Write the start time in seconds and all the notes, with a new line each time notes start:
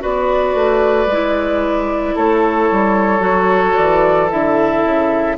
0.00 B3 F#4 B4 D5
0.54 A3
1.06 G#3
1.12 E4
2.16 A3 A4 C#5
2.71 G3
3.20 F#3 F#4
3.77 E3 D5
4.30 D3 E4 E5
4.84 C#3